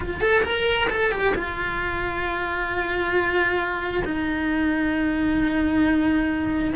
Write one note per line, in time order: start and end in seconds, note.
0.00 0.20 F4
0.20 0.43 A4
0.43 0.88 A#4
0.89 1.11 A4
1.11 1.34 G4
1.34 4.03 F4
4.04 6.73 D#4